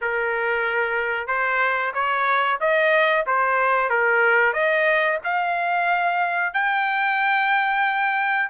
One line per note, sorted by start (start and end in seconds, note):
0.01 1.27 A#4
1.27 1.92 C5
1.94 2.59 C#5
2.60 3.25 D#5
3.26 3.89 C5
3.89 4.53 A#4
4.53 5.18 D#5
5.24 6.53 F5
6.53 8.49 G5